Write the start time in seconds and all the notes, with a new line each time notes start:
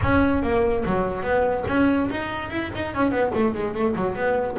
0.02 C#4
0.42 A#3
0.85 F#3
1.23 B3
1.67 C#4
2.10 D#4
2.50 E4
2.75 D#4
2.94 C#4
3.11 B3
3.34 A3
3.54 G#3
3.73 A3
3.95 F#3
4.15 B3